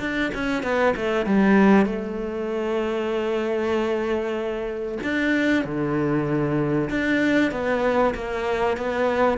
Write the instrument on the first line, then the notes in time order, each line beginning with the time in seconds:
cello
0.00 D4
0.34 C#4
0.63 B3
0.96 A3
1.26 G3
1.86 A3
5.03 D4
5.64 D3
6.90 D4
7.51 B3
8.15 A#3
8.77 B3